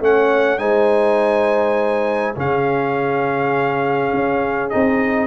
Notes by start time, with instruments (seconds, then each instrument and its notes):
0.00 tuba A3, trombone C#4, horn C#5, trumpet F#5
0.58 tuba G#3, trombone D#4, horn C5, trumpet G#5
2.35 tuba C#3, trombone C#4, horn G#4, trumpet F5
4.13 tuba C#4
4.70 tuba C4, trombone D#4, trumpet D#5